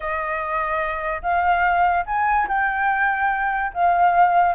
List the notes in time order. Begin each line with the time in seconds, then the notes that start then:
0.00 D#5
1.22 F5
2.06 G#5
2.48 G5
3.73 F5